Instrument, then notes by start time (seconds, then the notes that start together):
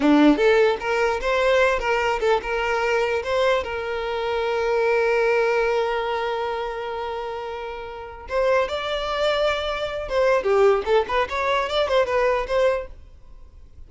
violin
0.00 D4
0.36 A4
0.80 A#4
1.21 C5
1.79 A#4
2.20 A4
2.42 A#4
3.23 C5
3.63 A#4
8.29 C5
8.68 D5
10.08 C5
10.43 G4
10.85 A4
11.07 B4
11.29 C#5
11.69 D5
11.88 C5
12.06 B4
12.47 C5